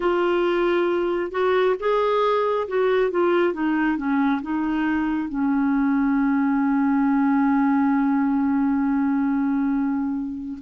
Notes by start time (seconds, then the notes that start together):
0.00 F4
1.31 F#4
1.79 G#4
2.68 F#4
3.10 F4
3.53 D#4
3.97 C#4
4.42 D#4
5.28 C#4